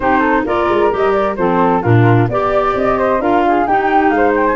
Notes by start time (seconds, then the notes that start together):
0.00 C4 D#4 G4 C5
0.19 A4
0.45 A#3 F4 A#4 D5
0.68 G#3
0.90 G3 G4 D#5
1.12 D5
1.36 F3 C4 A4 C5
1.82 A#2 D4 F4 A#4
2.28 B3 G4 D5
2.74 C4 D#5
2.98 C5
3.19 D4 F4 A#4 F5
3.47 G#4
3.67 D#4 G4 G5
4.09 G#3 F5
4.16 C5
4.36 G5
4.47 G#5